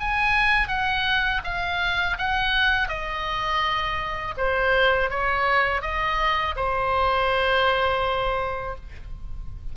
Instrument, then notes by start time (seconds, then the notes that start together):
oboe
0.00 G#5
0.68 F#5
1.44 F5
2.18 F#5
2.88 D#5
4.37 C5
5.10 C#5
5.82 D#5
6.57 C5